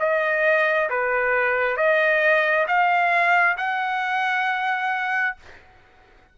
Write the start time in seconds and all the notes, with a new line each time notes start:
0.00 D#5
0.90 B4
1.77 D#5
2.68 F5
3.58 F#5